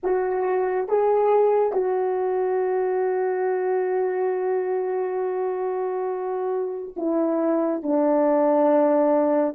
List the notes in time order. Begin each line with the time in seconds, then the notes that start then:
0.03 F#4
0.88 G#4
1.72 F#4
6.96 E4
7.82 D4